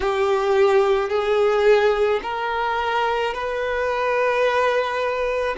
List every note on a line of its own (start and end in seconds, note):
0.00 1.09 G4
1.09 2.20 G#4
2.22 3.33 A#4
3.33 5.56 B4